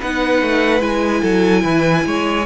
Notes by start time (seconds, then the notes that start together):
0.00 B3 D#4 B4 F#5
0.42 A3
0.80 G#3 E4 G#5
1.22 F#3 A4
1.63 E3 B4
2.06 G#3 C#5